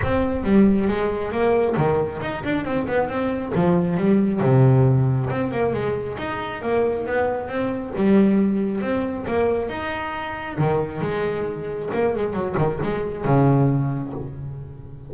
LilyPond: \new Staff \with { instrumentName = "double bass" } { \time 4/4 \tempo 4 = 136 c'4 g4 gis4 ais4 | dis4 dis'8 d'8 c'8 b8 c'4 | f4 g4 c2 | c'8 ais8 gis4 dis'4 ais4 |
b4 c'4 g2 | c'4 ais4 dis'2 | dis4 gis2 ais8 gis8 | fis8 dis8 gis4 cis2 | }